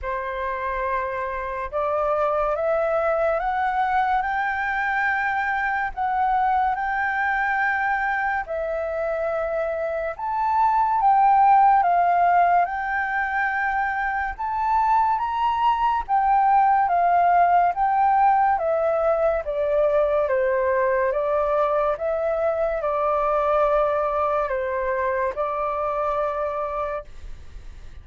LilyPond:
\new Staff \with { instrumentName = "flute" } { \time 4/4 \tempo 4 = 71 c''2 d''4 e''4 | fis''4 g''2 fis''4 | g''2 e''2 | a''4 g''4 f''4 g''4~ |
g''4 a''4 ais''4 g''4 | f''4 g''4 e''4 d''4 | c''4 d''4 e''4 d''4~ | d''4 c''4 d''2 | }